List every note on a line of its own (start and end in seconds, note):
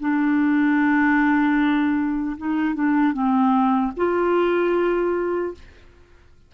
0.00 2.37 D4
2.38 2.75 D#4
2.75 3.13 D4
3.13 3.92 C4
3.97 5.54 F4